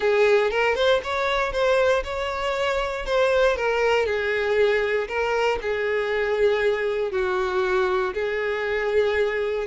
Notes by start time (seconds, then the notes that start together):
0.00 G#4
0.50 A#4
0.75 C5
1.03 C#5
1.52 C5
2.04 C#5
3.05 C5
3.56 A#4
4.05 G#4
5.08 A#4
5.61 G#4
7.11 F#4
8.14 G#4